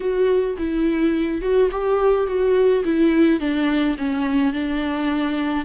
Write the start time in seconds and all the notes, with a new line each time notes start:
0.00 F#4
0.58 E4
1.41 F#4
1.71 G4
2.26 F#4
2.84 E4
3.40 D4
3.98 C#4
4.53 D4